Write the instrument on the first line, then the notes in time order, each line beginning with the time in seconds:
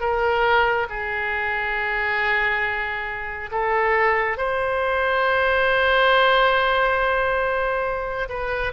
oboe
0.00 A#4
0.89 G#4
3.51 A4
4.37 C5
8.29 B4